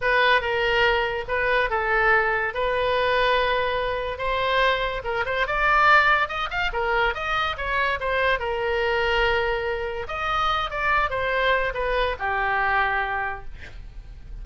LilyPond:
\new Staff \with { instrumentName = "oboe" } { \time 4/4 \tempo 4 = 143 b'4 ais'2 b'4 | a'2 b'2~ | b'2 c''2 | ais'8 c''8 d''2 dis''8 f''8 |
ais'4 dis''4 cis''4 c''4 | ais'1 | dis''4. d''4 c''4. | b'4 g'2. | }